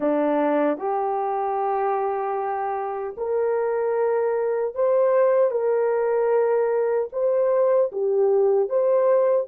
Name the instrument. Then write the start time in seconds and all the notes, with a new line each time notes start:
horn
0.00 D4
0.78 G4
3.17 A#4
4.74 C5
5.50 A#4
7.12 C5
7.92 G4
8.69 C5